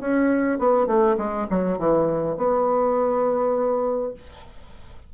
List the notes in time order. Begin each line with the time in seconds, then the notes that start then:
0.00 C#4
0.59 B3
0.87 A3
1.18 G#3
1.50 F#3
1.79 E3
2.37 B3